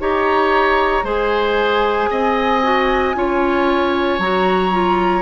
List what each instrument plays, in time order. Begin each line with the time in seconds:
0.00 bassoon D#4, clarinet G4, oboe C#5, flute A#5
1.04 bassoon G#3, clarinet G#4, oboe C5, flute G#5
2.11 bassoon C4, oboe D#5
2.63 clarinet F#4
3.15 bassoon C#4, clarinet F4, oboe C#5
4.19 bassoon F#3, clarinet F#4, flute A#5
4.72 clarinet F4